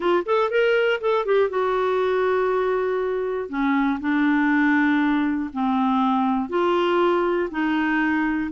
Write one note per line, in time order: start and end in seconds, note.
0.00 0.23 F4
0.25 0.50 A4
0.50 1.00 A#4
1.00 1.25 A4
1.25 1.49 G4
1.49 3.49 F#4
3.49 3.99 C#4
4.00 5.50 D4
5.53 6.49 C4
6.49 7.49 F4
7.50 8.50 D#4